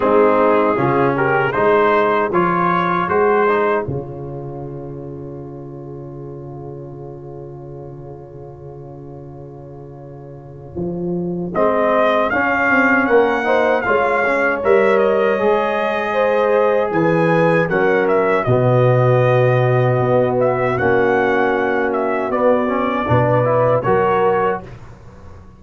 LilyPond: <<
  \new Staff \with { instrumentName = "trumpet" } { \time 4/4 \tempo 4 = 78 gis'4. ais'8 c''4 cis''4 | c''4 cis''2.~ | cis''1~ | cis''2. dis''4 |
f''4 fis''4 f''4 e''8 dis''8~ | dis''2 gis''4 fis''8 e''8 | dis''2~ dis''8 e''8 fis''4~ | fis''8 e''8 d''2 cis''4 | }
  \new Staff \with { instrumentName = "horn" } { \time 4/4 dis'4 f'8 g'8 gis'2~ | gis'1~ | gis'1~ | gis'1~ |
gis'4 ais'8 c''8 cis''2~ | cis''4 c''4 b'4 ais'4 | fis'1~ | fis'2 b'4 ais'4 | }
  \new Staff \with { instrumentName = "trombone" } { \time 4/4 c'4 cis'4 dis'4 f'4 | fis'8 dis'8 f'2.~ | f'1~ | f'2. c'4 |
cis'4. dis'8 f'8 cis'8 ais'4 | gis'2. cis'4 | b2. cis'4~ | cis'4 b8 cis'8 d'8 e'8 fis'4 | }
  \new Staff \with { instrumentName = "tuba" } { \time 4/4 gis4 cis4 gis4 f4 | gis4 cis2.~ | cis1~ | cis2 f4 gis4 |
cis'8 c'8 ais4 gis4 g4 | gis2 e4 fis4 | b,2 b4 ais4~ | ais4 b4 b,4 fis4 | }
>>